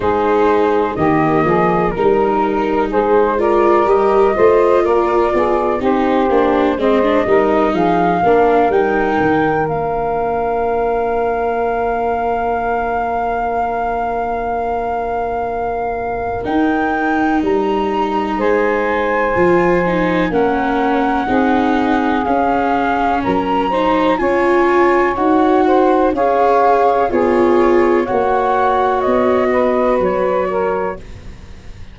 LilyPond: <<
  \new Staff \with { instrumentName = "flute" } { \time 4/4 \tempo 4 = 62 c''4 dis''4 ais'4 c''8 d''8 | dis''4 d''4 c''4 dis''4 | f''4 g''4 f''2~ | f''1~ |
f''4 g''4 ais''4 gis''4~ | gis''4 fis''2 f''4 | ais''4 gis''4 fis''4 f''4 | cis''4 fis''4 dis''4 cis''4 | }
  \new Staff \with { instrumentName = "saxophone" } { \time 4/4 gis'4 g'8 gis'8 ais'4 gis'8 ais'8~ | ais'8 c''8 ais'8 gis'8 g'4 c''8 ais'8 | gis'8 ais'2.~ ais'8~ | ais'1~ |
ais'2. c''4~ | c''4 ais'4 gis'2 | ais'8 c''8 cis''4. c''8 cis''4 | gis'4 cis''4. b'4 ais'8 | }
  \new Staff \with { instrumentName = "viola" } { \time 4/4 dis'4 ais4 dis'4. f'8 | g'8 f'4. dis'8 d'8 c'16 d'16 dis'8~ | dis'8 d'8 dis'4 d'2~ | d'1~ |
d'4 dis'2. | f'8 dis'8 cis'4 dis'4 cis'4~ | cis'8 dis'8 f'4 fis'4 gis'4 | f'4 fis'2. | }
  \new Staff \with { instrumentName = "tuba" } { \time 4/4 gis4 dis8 f8 g4 gis4 | g8 a8 ais8 b8 c'8 ais8 gis8 g8 | f8 ais8 g8 dis8 ais2~ | ais1~ |
ais4 dis'4 g4 gis4 | f4 ais4 c'4 cis'4 | fis4 cis'4 dis'4 cis'4 | b4 ais4 b4 fis4 | }
>>